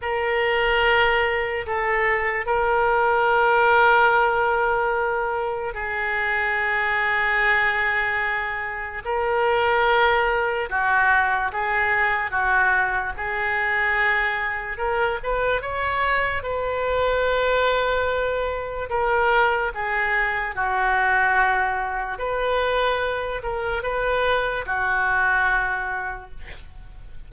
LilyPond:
\new Staff \with { instrumentName = "oboe" } { \time 4/4 \tempo 4 = 73 ais'2 a'4 ais'4~ | ais'2. gis'4~ | gis'2. ais'4~ | ais'4 fis'4 gis'4 fis'4 |
gis'2 ais'8 b'8 cis''4 | b'2. ais'4 | gis'4 fis'2 b'4~ | b'8 ais'8 b'4 fis'2 | }